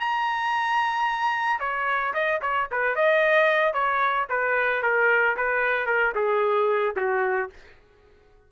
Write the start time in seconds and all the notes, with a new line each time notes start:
0.00 A#5
1.60 C#5
2.14 D#5
2.42 C#5
2.72 B4
2.96 D#5
3.74 C#5
4.30 B4
4.83 A#4
5.37 B4
5.86 A#4
6.15 G#4
6.96 F#4